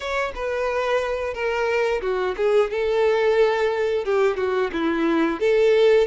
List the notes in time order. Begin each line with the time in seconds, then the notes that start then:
0.00 C#5
0.35 B4
1.33 A#4
2.01 F#4
2.37 G#4
2.70 A4
4.04 G4
4.36 F#4
4.72 E4
5.39 A4